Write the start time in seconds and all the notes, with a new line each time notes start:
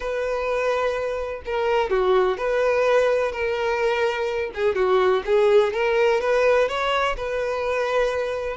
0.00 B4
1.45 A#4
1.89 F#4
2.37 B4
3.32 A#4
4.54 G#4
4.75 F#4
5.25 G#4
5.73 A#4
6.20 B4
6.68 C#5
7.16 B4